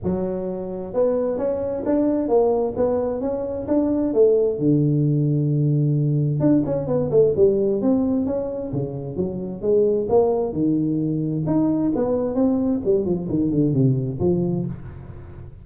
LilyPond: \new Staff \with { instrumentName = "tuba" } { \time 4/4 \tempo 4 = 131 fis2 b4 cis'4 | d'4 ais4 b4 cis'4 | d'4 a4 d2~ | d2 d'8 cis'8 b8 a8 |
g4 c'4 cis'4 cis4 | fis4 gis4 ais4 dis4~ | dis4 dis'4 b4 c'4 | g8 f8 dis8 d8 c4 f4 | }